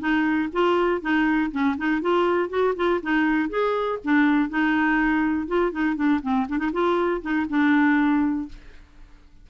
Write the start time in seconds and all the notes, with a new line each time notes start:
0.00 D#4
0.53 F4
1.02 D#4
1.52 C#4
1.78 D#4
2.02 F4
2.50 F#4
2.76 F4
3.03 D#4
3.50 G#4
4.04 D4
4.50 D#4
5.48 F4
5.72 D#4
5.96 D4
6.23 C4
6.49 D4
6.58 D#4
6.73 F4
7.22 D#4
7.50 D4